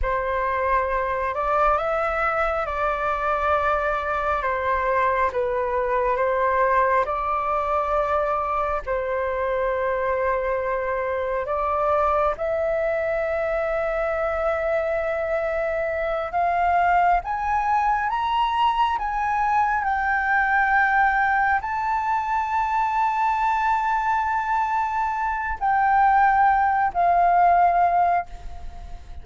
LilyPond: \new Staff \with { instrumentName = "flute" } { \time 4/4 \tempo 4 = 68 c''4. d''8 e''4 d''4~ | d''4 c''4 b'4 c''4 | d''2 c''2~ | c''4 d''4 e''2~ |
e''2~ e''8 f''4 gis''8~ | gis''8 ais''4 gis''4 g''4.~ | g''8 a''2.~ a''8~ | a''4 g''4. f''4. | }